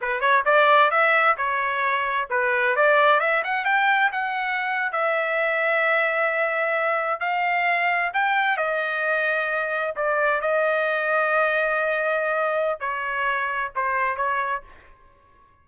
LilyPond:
\new Staff \with { instrumentName = "trumpet" } { \time 4/4 \tempo 4 = 131 b'8 cis''8 d''4 e''4 cis''4~ | cis''4 b'4 d''4 e''8 fis''8 | g''4 fis''4.~ fis''16 e''4~ e''16~ | e''2.~ e''8. f''16~ |
f''4.~ f''16 g''4 dis''4~ dis''16~ | dis''4.~ dis''16 d''4 dis''4~ dis''16~ | dis''1 | cis''2 c''4 cis''4 | }